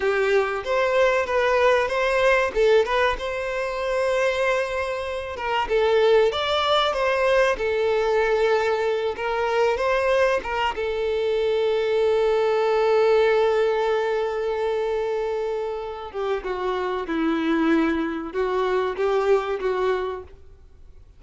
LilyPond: \new Staff \with { instrumentName = "violin" } { \time 4/4 \tempo 4 = 95 g'4 c''4 b'4 c''4 | a'8 b'8 c''2.~ | c''8 ais'8 a'4 d''4 c''4 | a'2~ a'8 ais'4 c''8~ |
c''8 ais'8 a'2.~ | a'1~ | a'4. g'8 fis'4 e'4~ | e'4 fis'4 g'4 fis'4 | }